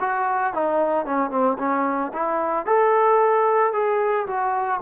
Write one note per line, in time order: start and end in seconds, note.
0.00 0.54 F#4
0.54 1.06 D#4
1.06 1.31 C#4
1.31 1.57 C4
1.59 2.12 C#4
2.13 2.66 E4
2.66 3.73 A4
3.73 4.27 G#4
4.27 4.80 F#4